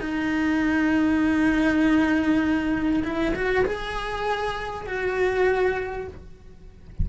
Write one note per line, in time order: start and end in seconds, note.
0.00 3.03 D#4
3.04 3.34 E4
3.35 3.65 F#4
3.65 4.86 G#4
4.86 6.07 F#4